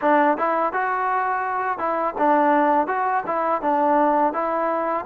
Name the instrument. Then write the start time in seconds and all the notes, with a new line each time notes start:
trombone
0.01 D4
0.37 E4
0.72 F#4
1.78 E4
2.18 D4
2.87 F#4
3.26 E4
3.61 D4
4.33 E4